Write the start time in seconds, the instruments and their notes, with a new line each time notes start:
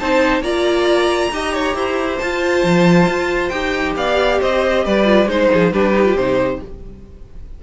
0.00 cello C4, viola D#4, violin C5 A5
0.41 cello A#3, viola F4, violin D5 A#5
1.31 cello D#4, viola G4, violin D#5
1.54 violin C#5
1.75 cello E4, violin C5
2.19 viola F4, cello F4, violin A5
2.64 cello F3
3.07 cello F4
3.49 cello D#4, viola G4, violin G5
3.96 cello B3, violin D5 F5
4.40 cello C4, violin C5 D#5
4.85 cello G3, violin B4 D5
5.05 viola F4
5.26 cello G#3, viola D#4, violin C5
5.54 cello F3, violin G#4
5.73 cello G3, viola D4, violin G4 B4
5.94 viola D#4
6.05 viola F4
6.15 cello C3, viola D#4, violin C5